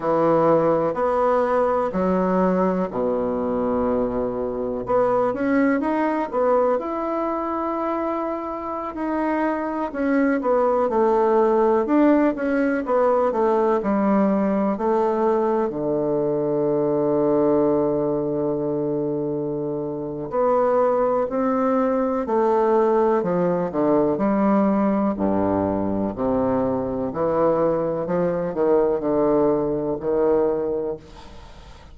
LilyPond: \new Staff \with { instrumentName = "bassoon" } { \time 4/4 \tempo 4 = 62 e4 b4 fis4 b,4~ | b,4 b8 cis'8 dis'8 b8 e'4~ | e'4~ e'16 dis'4 cis'8 b8 a8.~ | a16 d'8 cis'8 b8 a8 g4 a8.~ |
a16 d2.~ d8.~ | d4 b4 c'4 a4 | f8 d8 g4 g,4 c4 | e4 f8 dis8 d4 dis4 | }